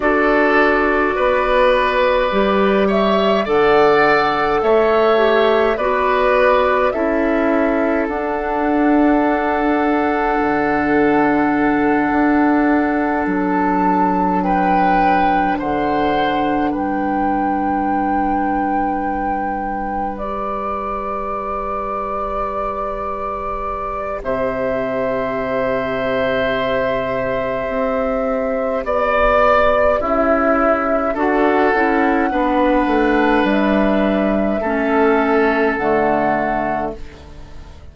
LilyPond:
<<
  \new Staff \with { instrumentName = "flute" } { \time 4/4 \tempo 4 = 52 d''2~ d''8 e''8 fis''4 | e''4 d''4 e''4 fis''4~ | fis''2.~ fis''8 a''8~ | a''8 g''4 fis''4 g''4.~ |
g''4. d''2~ d''8~ | d''4 e''2.~ | e''4 d''4 e''4 fis''4~ | fis''4 e''2 fis''4 | }
  \new Staff \with { instrumentName = "oboe" } { \time 4/4 a'4 b'4. cis''8 d''4 | cis''4 b'4 a'2~ | a'1~ | a'8 b'4 c''4 b'4.~ |
b'1~ | b'4 c''2.~ | c''4 d''4 e'4 a'4 | b'2 a'2 | }
  \new Staff \with { instrumentName = "clarinet" } { \time 4/4 fis'2 g'4 a'4~ | a'8 g'8 fis'4 e'4 d'4~ | d'1~ | d'1~ |
d'4. g'2~ g'8~ | g'1~ | g'2. fis'8 e'8 | d'2 cis'4 a4 | }
  \new Staff \with { instrumentName = "bassoon" } { \time 4/4 d'4 b4 g4 d4 | a4 b4 cis'4 d'4~ | d'4 d4. d'4 fis8~ | fis4. d4 g4.~ |
g1~ | g4 c2. | c'4 b4 cis'4 d'8 cis'8 | b8 a8 g4 a4 d4 | }
>>